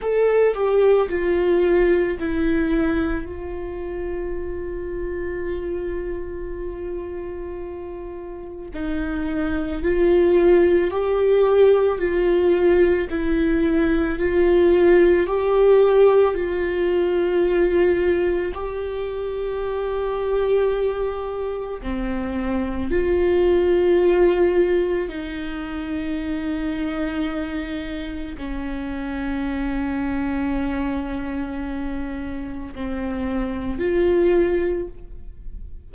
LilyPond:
\new Staff \with { instrumentName = "viola" } { \time 4/4 \tempo 4 = 55 a'8 g'8 f'4 e'4 f'4~ | f'1 | dis'4 f'4 g'4 f'4 | e'4 f'4 g'4 f'4~ |
f'4 g'2. | c'4 f'2 dis'4~ | dis'2 cis'2~ | cis'2 c'4 f'4 | }